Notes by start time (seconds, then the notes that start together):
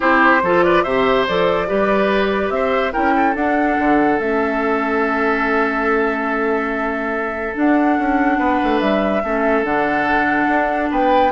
0.00 C4 E4 G4 C5
0.42 F3 F4 A4
0.62 B4 D5
0.83 C3 G4 C5 E5
1.27 F3 A4 D5
1.67 G3 G4 B4
2.49 C4 C5 E5
2.91 C#4 E4 A#4 G5
3.16 A4
3.35 D4 F#5
3.79 D3
4.19 A3 C#4 E5
7.54 D4 F#5
7.98 C#4
8.38 B3 B4
8.63 A3
8.79 G3 E5
9.23 A3 C#4 A4
9.63 D3 D4 F#5
10.48 D4
10.90 B3 B4 G5